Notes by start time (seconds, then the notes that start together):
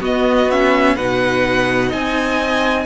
0.00 B3 F#4 D#5
0.51 C#4 E5
0.95 B2 D#4 B4 F#5
1.88 C4 D#5 G#5